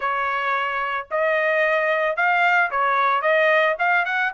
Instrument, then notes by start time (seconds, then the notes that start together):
trumpet
0.00 C#5
1.10 D#5
2.16 F5
2.71 C#5
3.21 D#5
3.78 F5
4.05 F#5